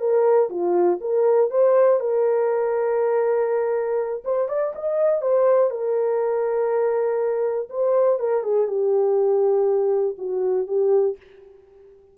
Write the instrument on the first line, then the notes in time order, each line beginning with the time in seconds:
horn
0.00 A#4
0.50 F4
1.01 A#4
1.51 C5
2.00 A#4
4.25 C5
4.49 D5
4.76 D#5
5.22 C5
5.71 A#4
7.70 C5
8.20 A#4
8.43 G#4
8.68 G4
10.18 F#4
10.68 G4